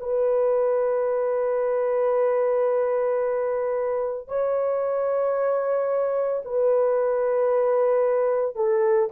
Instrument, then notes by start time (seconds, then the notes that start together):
horn
0.00 B4
4.28 C#5
6.45 B4
8.55 A4